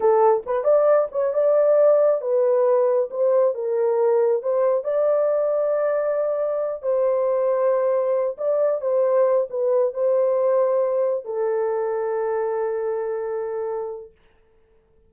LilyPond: \new Staff \with { instrumentName = "horn" } { \time 4/4 \tempo 4 = 136 a'4 b'8 d''4 cis''8 d''4~ | d''4 b'2 c''4 | ais'2 c''4 d''4~ | d''2.~ d''8 c''8~ |
c''2. d''4 | c''4. b'4 c''4.~ | c''4. a'2~ a'8~ | a'1 | }